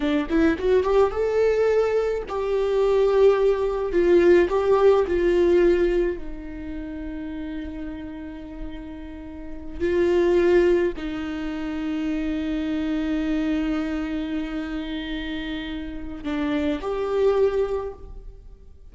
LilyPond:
\new Staff \with { instrumentName = "viola" } { \time 4/4 \tempo 4 = 107 d'8 e'8 fis'8 g'8 a'2 | g'2. f'4 | g'4 f'2 dis'4~ | dis'1~ |
dis'4. f'2 dis'8~ | dis'1~ | dis'1~ | dis'4 d'4 g'2 | }